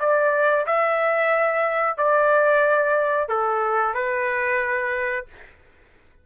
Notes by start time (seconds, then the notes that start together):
0.00 D5
0.66 E5
1.98 D5
3.29 A4
3.94 B4